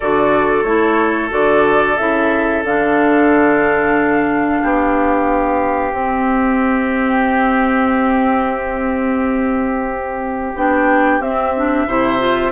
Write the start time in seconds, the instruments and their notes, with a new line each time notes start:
0.00 bassoon D3, clarinet F#4, oboe A4, flute D5
0.63 bassoon A3, clarinet E4, flute C#5
1.29 bassoon D3, clarinet F#4, flute D5
1.97 bassoon C#3, clarinet E4, flute E5
2.63 bassoon D3, clarinet D4, flute F5
4.62 bassoon B3, oboe G4
5.91 bassoon C4, clarinet C4, flute E5
10.55 bassoon B3, clarinet D4, flute G5
11.19 bassoon C4, clarinet C4, flute E5
11.55 clarinet D4
11.85 bassoon C3, clarinet E4, oboe C5
12.18 clarinet F4